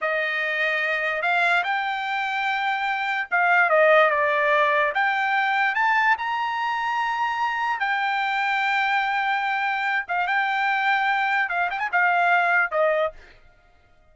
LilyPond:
\new Staff \with { instrumentName = "trumpet" } { \time 4/4 \tempo 4 = 146 dis''2. f''4 | g''1 | f''4 dis''4 d''2 | g''2 a''4 ais''4~ |
ais''2. g''4~ | g''1~ | g''8 f''8 g''2. | f''8 g''16 gis''16 f''2 dis''4 | }